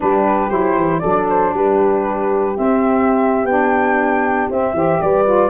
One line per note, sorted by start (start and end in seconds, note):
0.00 0.50 G3
0.00 0.49 D4
0.00 1.01 G4
0.00 0.49 B4
0.49 0.76 F#3
0.49 1.00 E4
0.49 0.99 C5
0.76 1.02 E3
0.99 1.53 F#3
0.99 2.55 D4
0.99 1.52 A4
0.99 1.25 D5
1.29 1.54 C5
1.53 2.56 G3
1.53 4.75 G4
1.53 2.57 B4
2.55 3.44 C4
2.55 3.45 E5
3.44 4.47 B3
3.44 4.50 D4
3.44 4.48 G5
4.50 4.73 C4
4.50 4.75 C4
4.50 5.01 E5
4.73 4.98 E3
4.73 5.24 G4
4.73 5.01 C5
5.01 5.49 G3
5.01 5.49 B4
5.01 5.49 D5
5.24 5.49 F4